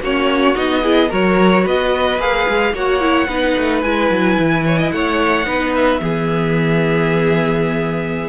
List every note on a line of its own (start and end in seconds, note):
0.00 0.55 A#3
0.00 0.54 C#4
0.00 0.82 F#4
0.00 0.56 C#5
0.54 1.11 B3
0.54 0.82 D#4
0.54 1.11 D#5
0.82 1.09 E4
0.82 1.09 G#4
1.09 1.66 F#3
1.09 2.19 F#4
1.09 1.63 A#4
1.09 1.67 C#5
1.63 2.18 B3
1.63 2.72 B4
1.63 2.21 D#5
2.18 2.46 A#3
2.18 2.73 G#4
2.18 2.75 F5
2.48 2.73 G#3
2.73 3.27 A#3
2.73 3.00 F#4
2.73 3.27 C#5
2.73 3.81 F#5
3.00 3.27 E4
3.27 3.55 B3
3.27 3.83 D#4
3.27 4.64 B4
3.56 3.84 A3
3.81 4.10 G#3
3.81 5.44 E4
3.81 4.90 G#5
4.10 4.37 F#3
4.38 4.92 E3
4.66 4.78 C#5
4.78 4.91 D#5
4.91 5.46 A3
4.91 5.46 C#5
4.91 5.72 F#5
5.44 6.00 B3
5.44 5.99 D#4
5.44 6.00 B4
5.75 8.29 E5
5.99 8.29 E3
5.99 8.29 B3
5.99 8.29 G#4